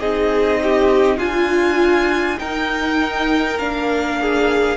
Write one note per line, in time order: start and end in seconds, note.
0.00 1.20 C4
0.00 1.20 D#4
0.00 0.61 G#4
0.00 1.19 D#5
0.63 1.18 G4
1.18 2.40 D4
1.18 2.38 F4
1.18 2.39 F4
1.18 2.39 G#5
2.39 3.58 D#4
2.39 3.59 D#4
2.39 4.21 A#4
2.39 3.59 G5
3.59 4.77 A#3
3.59 4.77 D4
3.59 4.77 F5
4.21 4.77 G#4